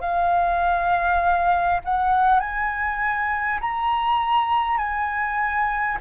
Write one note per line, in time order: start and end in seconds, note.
0.00 1.80 F5
1.84 2.39 F#5
2.39 3.59 G#5
3.60 4.78 A#5
4.78 5.98 G#5